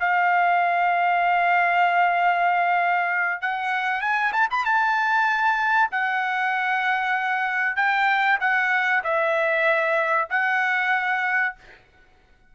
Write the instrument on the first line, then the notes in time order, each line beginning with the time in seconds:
trumpet
0.00 F5
3.41 F#5
4.01 G#5
4.33 A5
4.51 B5
4.65 A5
5.92 F#5
7.76 G5
8.41 F#5
9.04 E5
10.30 F#5